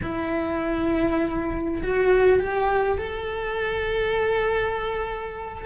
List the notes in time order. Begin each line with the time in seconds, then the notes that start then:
0.02 E4
1.82 F#4
2.39 G4
2.98 A4